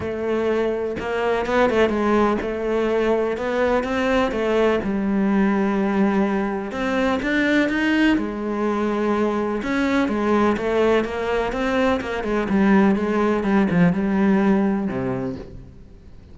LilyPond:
\new Staff \with { instrumentName = "cello" } { \time 4/4 \tempo 4 = 125 a2 ais4 b8 a8 | gis4 a2 b4 | c'4 a4 g2~ | g2 c'4 d'4 |
dis'4 gis2. | cis'4 gis4 a4 ais4 | c'4 ais8 gis8 g4 gis4 | g8 f8 g2 c4 | }